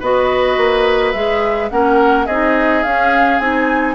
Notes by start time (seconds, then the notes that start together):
0.00 B3 F#4 B4 D#5
0.57 A#3
1.13 G#3 G#4 E5
1.70 A#3 C#4 A#4 F#5
2.27 C4 D#4 G#4 D#5
2.83 C#4 F5
3.39 C4 D#4 G#5